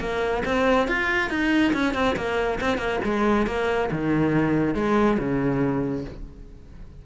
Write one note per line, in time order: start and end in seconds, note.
0.00 0.43 A#3
0.45 0.88 C4
0.88 1.30 F4
1.30 1.73 D#4
1.73 1.94 C#4
1.94 2.16 C4
2.16 2.59 A#3
2.61 2.78 C4
2.78 2.99 A#3
3.04 3.47 G#3
3.47 3.90 A#3
3.91 4.75 D#3
4.75 5.18 G#3
5.18 6.05 C#3